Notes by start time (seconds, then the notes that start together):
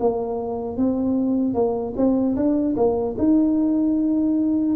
0.00 A#3
0.77 C4
1.55 A#3
1.97 C4
2.36 D4
2.77 A#3
3.18 D#4